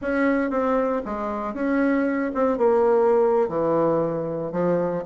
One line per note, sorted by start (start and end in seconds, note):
0.01 0.50 C#4
0.50 1.02 C4
1.05 1.54 G#3
1.54 2.31 C#4
2.34 2.57 C4
2.57 3.48 A#3
3.48 4.51 E3
4.52 5.03 F3